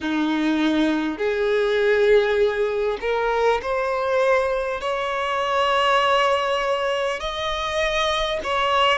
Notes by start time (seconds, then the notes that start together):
0.01 D#4
1.18 G#4
3.00 A#4
3.62 C5
4.80 C#5
7.19 D#5
8.43 C#5